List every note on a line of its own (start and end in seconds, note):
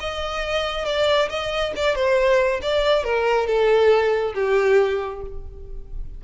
0.00 0.85 D#5
0.85 1.29 D5
1.29 1.73 D#5
1.76 1.95 D5
1.95 2.60 C5
2.62 3.04 D5
3.04 3.47 A#4
3.47 4.34 A4
4.34 5.21 G4